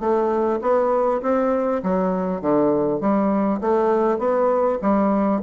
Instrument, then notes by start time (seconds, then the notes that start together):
bassoon
0.00 A3
0.62 B3
1.22 C4
1.83 F#3
2.42 D3
3.01 G3
3.61 A3
4.19 B3
4.82 G3